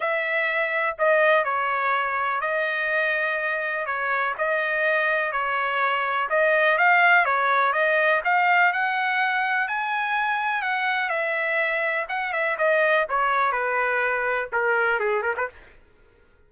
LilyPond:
\new Staff \with { instrumentName = "trumpet" } { \time 4/4 \tempo 4 = 124 e''2 dis''4 cis''4~ | cis''4 dis''2. | cis''4 dis''2 cis''4~ | cis''4 dis''4 f''4 cis''4 |
dis''4 f''4 fis''2 | gis''2 fis''4 e''4~ | e''4 fis''8 e''8 dis''4 cis''4 | b'2 ais'4 gis'8 ais'16 b'16 | }